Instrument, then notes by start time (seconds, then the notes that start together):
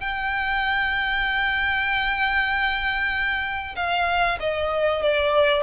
violin
0.00 G5
3.75 F5
4.39 D#5
5.02 D5